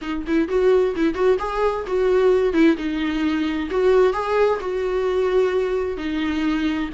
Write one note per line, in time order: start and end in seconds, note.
0.01 0.24 D#4
0.26 0.48 E4
0.48 0.94 F#4
0.95 1.14 E4
1.14 1.37 F#4
1.38 1.85 G#4
1.86 2.53 F#4
2.53 2.76 E4
2.77 3.69 D#4
3.70 4.13 F#4
4.13 4.59 G#4
4.60 5.97 F#4
5.97 6.89 D#4